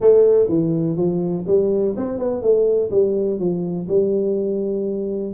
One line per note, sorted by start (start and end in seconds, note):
0.00 0.48 A3
0.48 0.96 E3
0.96 1.45 F3
1.47 1.95 G3
1.96 2.18 C4
2.18 2.42 B3
2.42 2.90 A3
2.91 3.39 G3
3.39 3.87 F3
3.88 5.33 G3